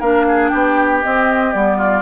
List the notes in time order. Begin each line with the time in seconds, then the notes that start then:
0.00 A#3 D4 A#4 F5
0.29 G#4
0.48 B3 G4 G5
1.03 C4 D#5
1.52 G3 B3 D5
1.78 F4